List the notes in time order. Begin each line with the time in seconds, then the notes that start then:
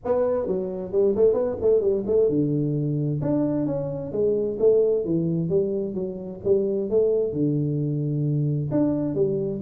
0.05 B3
0.46 F#3
0.92 G3
1.15 A3
1.33 B3
1.61 A3
1.80 G3
2.06 A3
2.28 D3
3.21 D4
3.66 C#4
4.12 G#3
4.59 A3
5.04 E3
5.49 G3
5.94 F#3
6.44 G3
6.90 A3
7.32 D3
8.71 D4
9.15 G3